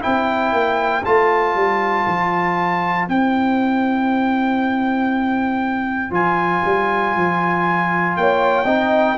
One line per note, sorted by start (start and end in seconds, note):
0.00 0.53 C4
0.00 1.02 E4
0.00 8.14 C5
0.00 1.04 G5
0.53 1.03 A#3
1.05 1.55 A3
1.05 3.08 F4
1.05 3.08 A5
1.55 2.06 G3
2.07 3.08 F3
3.08 6.10 C4
3.08 6.11 E4
3.08 6.14 G5
6.10 6.61 F3
6.10 8.65 F4
6.10 8.16 G#5
6.65 7.15 G3
7.15 8.17 F3
8.16 8.65 A#3
8.16 8.64 C#5
8.16 9.18 G5
8.64 9.15 C4
8.64 9.17 D#4
8.64 9.15 D#5